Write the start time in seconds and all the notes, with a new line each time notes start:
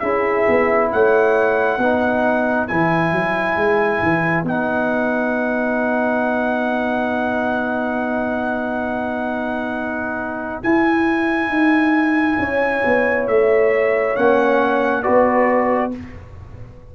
0.00 C#4 E4 G#4 E5
0.48 B3
0.92 A3 C#5 F#5
1.78 B3 D#4 B4
2.68 E3 E4 G#5
3.12 F#3
3.56 G#3
4.03 E3
4.44 B3 D#4 F#5
10.63 E4 G#5
11.49 D#4
12.39 C#4 C#5
12.85 B3
13.28 A3 E5
14.16 A#3 C#4 F#5
15.03 B3 F#4 B4 D5